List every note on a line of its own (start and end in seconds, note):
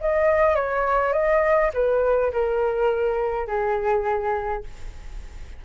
0.00 0.55 D#5
0.55 1.12 C#5
1.12 1.71 D#5
1.73 2.31 B4
2.32 3.47 A#4
3.47 4.63 G#4